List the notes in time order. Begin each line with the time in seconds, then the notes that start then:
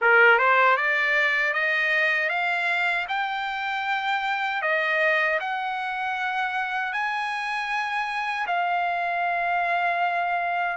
0.01 A#4
0.38 C5
0.77 D5
1.53 D#5
2.29 F5
3.08 G5
4.62 D#5
5.40 F#5
6.92 G#5
8.46 F5